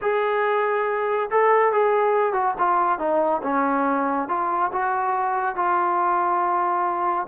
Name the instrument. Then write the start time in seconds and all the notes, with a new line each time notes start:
trombone
0.01 G#4
1.30 A4
1.72 G#4
2.33 F#4
2.58 F4
2.98 D#4
3.43 C#4
4.28 F4
4.72 F#4
5.55 F4